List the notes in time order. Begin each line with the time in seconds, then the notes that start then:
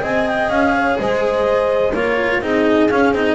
0.00 C4 G#4 D#5 G#5
0.27 G5
0.49 C#4 F5
0.76 C#5
0.99 G#3 C5 D#5
1.94 A#3 F4 A#4 C#5
2.41 C4 D#4 G#4 D#5
2.90 C#4 F5
3.12 C4 D#4 D#5